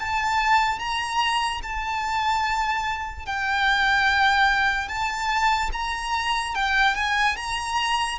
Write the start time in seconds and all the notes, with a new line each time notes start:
0.00 A5
0.80 A#5
1.63 A5
3.26 G5
4.89 A5
5.73 A#5
6.55 G5
6.96 G#5
7.37 A#5